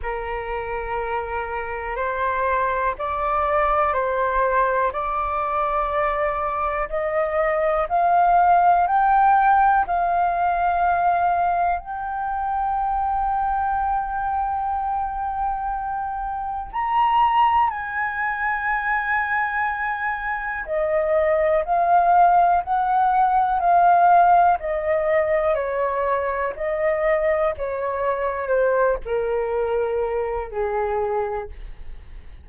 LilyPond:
\new Staff \with { instrumentName = "flute" } { \time 4/4 \tempo 4 = 61 ais'2 c''4 d''4 | c''4 d''2 dis''4 | f''4 g''4 f''2 | g''1~ |
g''4 ais''4 gis''2~ | gis''4 dis''4 f''4 fis''4 | f''4 dis''4 cis''4 dis''4 | cis''4 c''8 ais'4. gis'4 | }